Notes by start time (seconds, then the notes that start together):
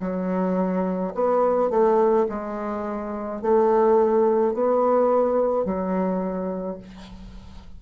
0.00 F#3
1.15 B3
1.70 A3
2.29 G#3
3.42 A3
4.54 B3
5.65 F#3